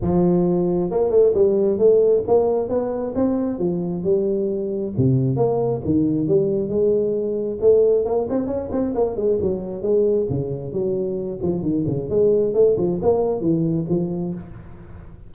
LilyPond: \new Staff \with { instrumentName = "tuba" } { \time 4/4 \tempo 4 = 134 f2 ais8 a8 g4 | a4 ais4 b4 c'4 | f4 g2 c4 | ais4 dis4 g4 gis4~ |
gis4 a4 ais8 c'8 cis'8 c'8 | ais8 gis8 fis4 gis4 cis4 | fis4. f8 dis8 cis8 gis4 | a8 f8 ais4 e4 f4 | }